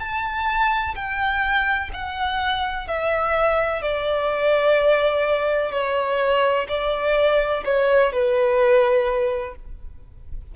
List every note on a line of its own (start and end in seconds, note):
0.00 0.95 A5
0.96 1.91 G5
1.94 2.88 F#5
2.88 3.83 E5
3.83 5.72 D5
5.72 6.68 C#5
6.69 7.64 D5
7.65 8.13 C#5
8.13 9.56 B4